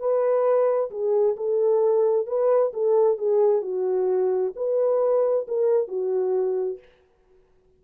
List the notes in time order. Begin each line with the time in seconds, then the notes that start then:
0.00 B4
0.91 G#4
1.37 A4
2.27 B4
2.74 A4
3.18 G#4
3.62 F#4
4.56 B4
5.48 A#4
5.88 F#4